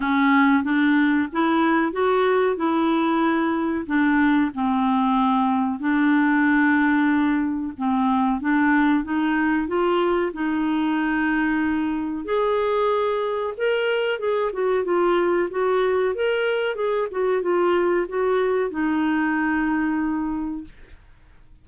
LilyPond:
\new Staff \with { instrumentName = "clarinet" } { \time 4/4 \tempo 4 = 93 cis'4 d'4 e'4 fis'4 | e'2 d'4 c'4~ | c'4 d'2. | c'4 d'4 dis'4 f'4 |
dis'2. gis'4~ | gis'4 ais'4 gis'8 fis'8 f'4 | fis'4 ais'4 gis'8 fis'8 f'4 | fis'4 dis'2. | }